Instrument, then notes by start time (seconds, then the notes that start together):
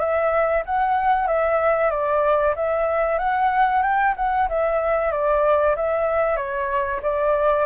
flute
0.00 E5
0.66 F#5
1.28 E5
1.91 D5
2.56 E5
3.19 F#5
3.83 G5
4.17 F#5
4.49 E5
5.12 D5
5.77 E5
6.37 C#5
7.03 D5